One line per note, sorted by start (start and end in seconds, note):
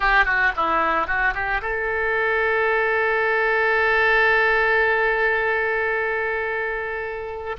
0.00 0.25 G4
0.25 0.52 F#4
0.56 1.07 E4
1.07 1.34 F#4
1.34 1.61 G4
1.61 7.56 A4